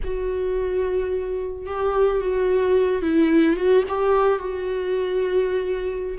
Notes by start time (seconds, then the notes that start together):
0.04 F#4
1.66 G4
2.20 F#4
3.02 E4
3.56 F#4
3.88 G4
4.39 F#4